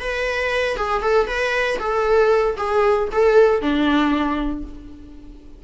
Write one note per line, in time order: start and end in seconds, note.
0.00 0.77 B4
0.77 1.02 G#4
1.02 1.27 A4
1.27 1.79 B4
1.79 2.56 A4
2.58 3.09 G#4
3.12 3.62 A4
3.62 4.64 D4